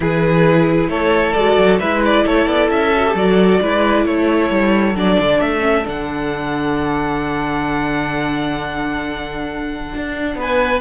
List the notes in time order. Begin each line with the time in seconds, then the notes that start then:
0.00 E3 E4 G#4 B4
0.88 A3 A4 C#5
1.32 G#3 F#4 D5
1.57 F#3
1.79 G#3 E4 B4 E5
2.05 D5
2.25 A3 A4 C#5
2.46 B3 D5
2.70 C#4 E5
2.96 F#4
3.06 G4
3.14 F#3 F#4 D5
3.61 G#3 E4 B4
4.05 A3 A4 C#5
4.50 G3
4.94 F#3 D4 D5
5.19 D3
5.41 A3 E5
5.60 C#4
5.84 D3 D4 F#5
9.94 D4
10.35 B3 B4 G#5